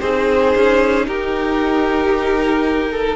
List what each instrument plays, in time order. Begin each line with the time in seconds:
0.00 cello C4, viola D#4, violin G#4 C5
0.55 cello C#4
1.07 cello D#4, violin G4 A#4
2.91 violin A4